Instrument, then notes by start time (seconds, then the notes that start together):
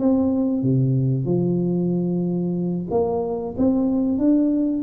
tuba
0.00 C4
0.62 C3
1.26 F3
2.91 A#3
3.58 C4
4.19 D4